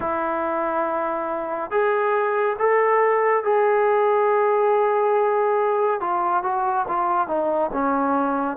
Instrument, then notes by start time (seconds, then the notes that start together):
trombone
0.00 E4
1.70 G#4
2.58 A4
3.43 G#4
6.00 F4
6.43 F#4
6.88 F4
7.27 D#4
7.73 C#4